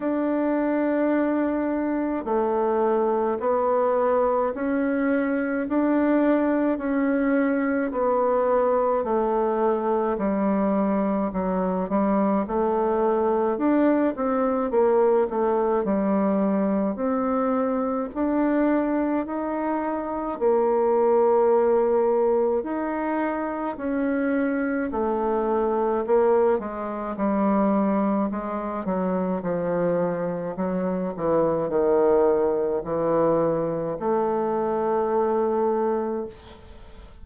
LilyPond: \new Staff \with { instrumentName = "bassoon" } { \time 4/4 \tempo 4 = 53 d'2 a4 b4 | cis'4 d'4 cis'4 b4 | a4 g4 fis8 g8 a4 | d'8 c'8 ais8 a8 g4 c'4 |
d'4 dis'4 ais2 | dis'4 cis'4 a4 ais8 gis8 | g4 gis8 fis8 f4 fis8 e8 | dis4 e4 a2 | }